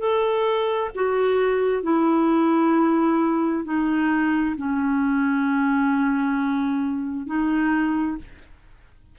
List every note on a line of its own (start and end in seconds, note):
0.00 0.91 A4
0.95 1.83 F#4
1.83 3.65 E4
3.65 4.56 D#4
4.57 7.26 C#4
7.26 8.17 D#4